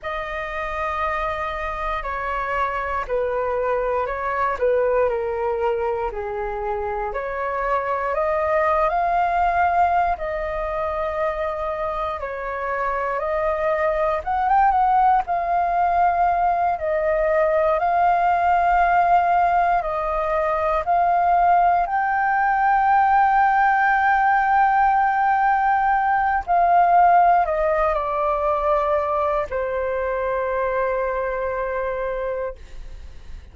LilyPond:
\new Staff \with { instrumentName = "flute" } { \time 4/4 \tempo 4 = 59 dis''2 cis''4 b'4 | cis''8 b'8 ais'4 gis'4 cis''4 | dis''8. f''4~ f''16 dis''2 | cis''4 dis''4 fis''16 g''16 fis''8 f''4~ |
f''8 dis''4 f''2 dis''8~ | dis''8 f''4 g''2~ g''8~ | g''2 f''4 dis''8 d''8~ | d''4 c''2. | }